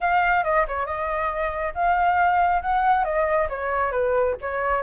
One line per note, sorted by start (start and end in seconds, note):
0.01 0.44 F5
0.44 0.65 D#5
0.67 0.86 C#5
0.86 1.73 D#5
1.74 2.62 F5
2.62 3.04 F#5
3.04 3.48 D#5
3.49 3.91 C#5
3.91 4.35 B4
4.41 4.82 C#5